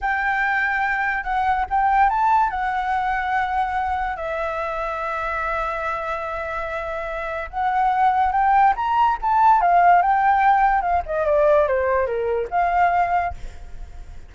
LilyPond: \new Staff \with { instrumentName = "flute" } { \time 4/4 \tempo 4 = 144 g''2. fis''4 | g''4 a''4 fis''2~ | fis''2 e''2~ | e''1~ |
e''2 fis''2 | g''4 ais''4 a''4 f''4 | g''2 f''8 dis''8 d''4 | c''4 ais'4 f''2 | }